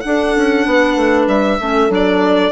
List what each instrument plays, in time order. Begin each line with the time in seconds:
0.00 clarinet D4, bassoon D4, horn A4, violin F#5
0.36 bassoon C#4
0.66 bassoon B3, horn B4
0.96 bassoon A3
1.27 bassoon G3, violin E5
1.60 bassoon A3, clarinet C#4, horn A4
1.89 bassoon F#3, clarinet D4, violin D5